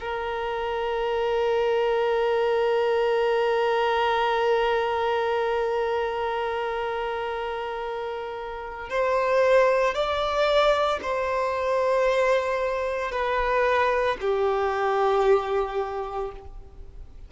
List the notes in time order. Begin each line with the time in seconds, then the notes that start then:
0.00 A#4
8.90 C5
9.95 D5
11.02 C5
13.12 B4
14.21 G4